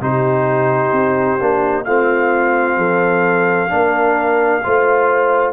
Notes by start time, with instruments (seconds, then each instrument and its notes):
0.00 tuba C3, trombone D#4, horn G4, trumpet C5
0.92 tuba C4
1.39 tuba A#3, trombone D4
1.84 tuba A3, trombone C4, horn F4, trumpet F5
2.77 tuba F3, horn A4
3.69 tuba A#3, trombone D4, horn A#4
4.63 tuba A3, trombone F4, horn C5